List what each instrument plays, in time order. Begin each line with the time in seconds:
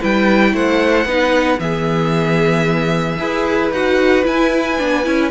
0.00 cello G3, viola E4, violin B4 G5
0.53 cello A3, violin C5 F#5
1.06 cello B3, viola D#4, violin B4
1.58 cello E3, viola B3, violin G#4 E5
3.19 cello E4, viola G#4, violin B4
3.72 cello D#4, viola F#4, violin F#5
4.24 viola E4, cello E4, violin G#5
4.79 cello B3, viola D4
5.04 cello C#4, viola E4